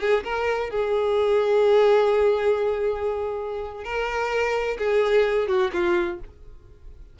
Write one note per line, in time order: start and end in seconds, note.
0.00 0.23 G#4
0.23 0.70 A#4
0.70 3.84 G#4
3.84 4.77 A#4
4.78 5.48 G#4
5.48 5.71 F#4
5.73 6.19 F4